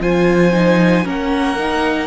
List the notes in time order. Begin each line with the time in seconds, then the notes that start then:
0.00 F3 F4 C5 G#5
0.52 D#4
1.04 A#3 C#4 A#4 F#5
1.58 D#4